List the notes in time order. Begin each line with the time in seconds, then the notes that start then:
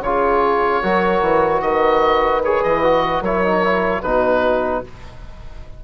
0.00 C#3 F4 G#4 C#5
0.83 F#3 F#4 A#4
1.22 E3
1.61 D#3 B4 D#5
2.44 G#4 C#5
2.63 E3 D#5
2.83 F#4
3.21 F#3 E4 A#4 C#5
3.45 D#4
3.64 E4
4.02 B2 D#4 F#4 B4